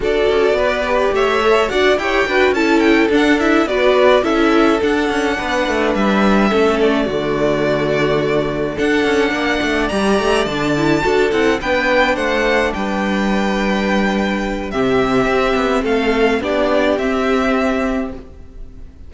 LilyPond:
<<
  \new Staff \with { instrumentName = "violin" } { \time 4/4 \tempo 4 = 106 d''2 e''4 fis''8 g''8~ | g''8 a''8 g''8 fis''8 e''8 d''4 e''8~ | e''8 fis''2 e''4. | d''2.~ d''8 fis''8~ |
fis''4. ais''4 a''4. | fis''8 g''4 fis''4 g''4.~ | g''2 e''2 | f''4 d''4 e''2 | }
  \new Staff \with { instrumentName = "violin" } { \time 4/4 a'4 b'4 cis''4 d''8 cis''8 | b'8 a'2 b'4 a'8~ | a'4. b'2 a'8~ | a'8 fis'2. a'8~ |
a'8 d''2. a'8~ | a'8 b'4 c''4 b'4.~ | b'2 g'2 | a'4 g'2. | }
  \new Staff \with { instrumentName = "viola" } { \time 4/4 fis'4. g'4 a'8 fis'8 g'8 | fis'8 e'4 d'8 e'8 fis'4 e'8~ | e'8 d'2. cis'8~ | cis'8 a2. d'8~ |
d'4. g'4 d'8 e'8 fis'8 | e'8 d'2.~ d'8~ | d'2 c'2~ | c'4 d'4 c'2 | }
  \new Staff \with { instrumentName = "cello" } { \time 4/4 d'8 cis'8 b4 a4 d'8 e'8 | d'8 cis'4 d'4 b4 cis'8~ | cis'8 d'8 cis'8 b8 a8 g4 a8~ | a8 d2. d'8 |
cis'8 ais8 a8 g8 a8 d4 d'8 | c'8 b4 a4 g4.~ | g2 c4 c'8 b8 | a4 b4 c'2 | }
>>